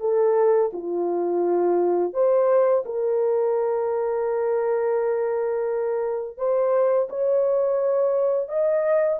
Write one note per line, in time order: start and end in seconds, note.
0.00 0.71 A4
0.73 2.13 F4
2.13 2.84 C5
2.85 6.37 A#4
6.37 7.08 C5
7.09 8.49 C#5
8.49 9.19 D#5